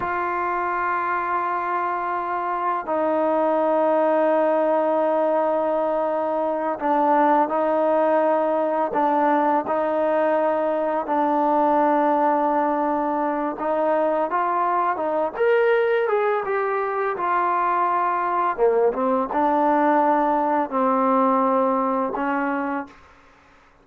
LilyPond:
\new Staff \with { instrumentName = "trombone" } { \time 4/4 \tempo 4 = 84 f'1 | dis'1~ | dis'4. d'4 dis'4.~ | dis'8 d'4 dis'2 d'8~ |
d'2. dis'4 | f'4 dis'8 ais'4 gis'8 g'4 | f'2 ais8 c'8 d'4~ | d'4 c'2 cis'4 | }